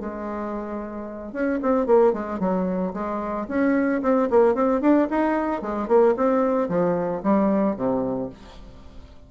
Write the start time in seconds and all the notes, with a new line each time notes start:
0.00 G#3
1.32 C#4
1.62 C4
1.86 A#3
2.13 G#3
2.39 F#3
2.93 G#3
3.48 C#4
4.02 C4
4.30 A#3
4.55 C4
4.81 D4
5.10 D#4
5.62 G#3
5.88 A#3
6.17 C4
6.68 F3
7.23 G3
7.76 C3